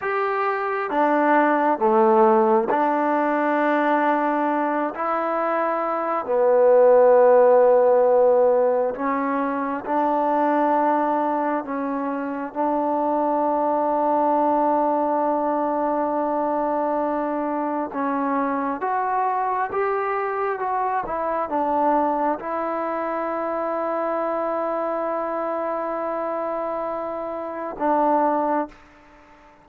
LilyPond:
\new Staff \with { instrumentName = "trombone" } { \time 4/4 \tempo 4 = 67 g'4 d'4 a4 d'4~ | d'4. e'4. b4~ | b2 cis'4 d'4~ | d'4 cis'4 d'2~ |
d'1 | cis'4 fis'4 g'4 fis'8 e'8 | d'4 e'2.~ | e'2. d'4 | }